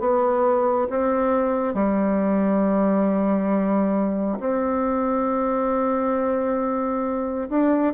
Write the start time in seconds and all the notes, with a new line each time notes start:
0.00 B3
0.90 C4
1.74 G3
4.40 C4
7.50 D4